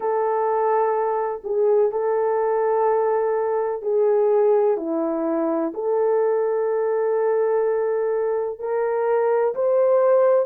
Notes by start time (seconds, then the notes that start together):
0.00 A4
1.43 G#4
1.91 A4
3.81 G#4
4.77 E4
5.74 A4
8.59 A#4
9.55 C5